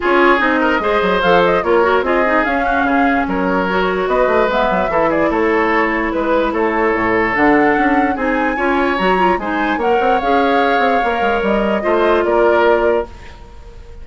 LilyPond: <<
  \new Staff \with { instrumentName = "flute" } { \time 4/4 \tempo 4 = 147 cis''4 dis''2 f''8 dis''8 | cis''4 dis''4 f''2 | cis''2 dis''4 e''4~ | e''8 d''8 cis''2 b'4 |
cis''2 fis''2 | gis''2 ais''4 gis''4 | fis''4 f''2. | dis''2 d''2 | }
  \new Staff \with { instrumentName = "oboe" } { \time 4/4 gis'4. ais'8 c''2 | ais'4 gis'4. fis'8 gis'4 | ais'2 b'2 | a'8 gis'8 a'2 b'4 |
a'1 | gis'4 cis''2 c''4 | cis''1~ | cis''4 c''4 ais'2 | }
  \new Staff \with { instrumentName = "clarinet" } { \time 4/4 f'4 dis'4 gis'4 a'4 | f'8 fis'8 f'8 dis'8 cis'2~ | cis'4 fis'2 b4 | e'1~ |
e'2 d'2 | dis'4 f'4 fis'8 f'8 dis'4 | ais'4 gis'2 ais'4~ | ais'4 f'2. | }
  \new Staff \with { instrumentName = "bassoon" } { \time 4/4 cis'4 c'4 gis8 fis8 f4 | ais4 c'4 cis'4 cis4 | fis2 b8 a8 gis8 fis8 | e4 a2 gis4 |
a4 a,4 d4 cis'4 | c'4 cis'4 fis4 gis4 | ais8 c'8 cis'4. c'8 ais8 gis8 | g4 a4 ais2 | }
>>